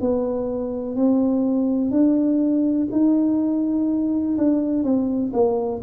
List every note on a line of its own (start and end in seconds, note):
0.00 0.95 B3
0.95 1.90 C4
1.90 2.87 D4
2.91 4.36 D#4
4.38 4.83 D4
4.83 5.32 C4
5.33 5.82 A#3